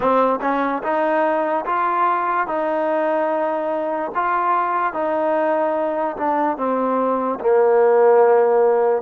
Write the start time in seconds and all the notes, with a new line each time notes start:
0.00 C4
0.41 C#4
0.82 D#4
1.65 F4
2.47 D#4
4.14 F4
4.93 D#4
6.16 D4
6.57 C4
7.40 A#3